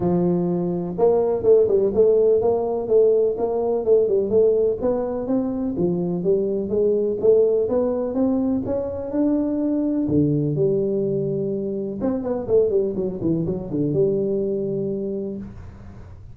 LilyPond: \new Staff \with { instrumentName = "tuba" } { \time 4/4 \tempo 4 = 125 f2 ais4 a8 g8 | a4 ais4 a4 ais4 | a8 g8 a4 b4 c'4 | f4 g4 gis4 a4 |
b4 c'4 cis'4 d'4~ | d'4 d4 g2~ | g4 c'8 b8 a8 g8 fis8 e8 | fis8 d8 g2. | }